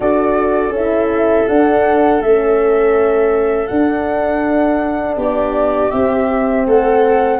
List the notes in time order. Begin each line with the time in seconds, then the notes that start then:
0.00 D4 F#4 A4 D5
0.69 C#4 E4 E5
1.48 D4 F#5
2.19 A3 C#4 E5
3.67 D4 F#5
5.16 B3 G4 D5
5.91 C4 E5
6.66 A3 A4 F#5